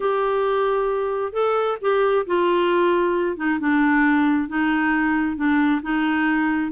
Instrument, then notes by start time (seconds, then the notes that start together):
clarinet
0.00 G4
1.32 A4
1.81 G4
2.26 F4
3.37 D#4
3.59 D4
4.48 D#4
5.36 D4
5.82 D#4